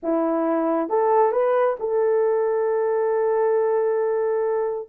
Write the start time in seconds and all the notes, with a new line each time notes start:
0.02 E4
0.89 A4
1.32 B4
1.79 A4